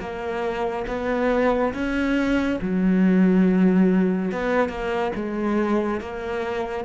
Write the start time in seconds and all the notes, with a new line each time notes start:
0.00 A#3
0.87 B3
1.73 C#4
2.61 F#3
4.32 B3
4.69 A#3
5.15 G#3
6.00 A#3